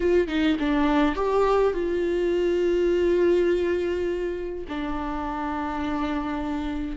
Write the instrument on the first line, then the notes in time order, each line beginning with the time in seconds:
viola
0.00 F4
0.27 D#4
0.59 D4
1.15 G4
1.73 F4
4.68 D4